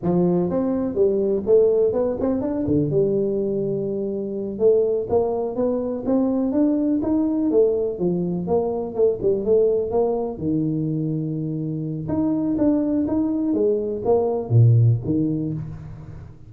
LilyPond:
\new Staff \with { instrumentName = "tuba" } { \time 4/4 \tempo 4 = 124 f4 c'4 g4 a4 | b8 c'8 d'8 d8 g2~ | g4. a4 ais4 b8~ | b8 c'4 d'4 dis'4 a8~ |
a8 f4 ais4 a8 g8 a8~ | a8 ais4 dis2~ dis8~ | dis4 dis'4 d'4 dis'4 | gis4 ais4 ais,4 dis4 | }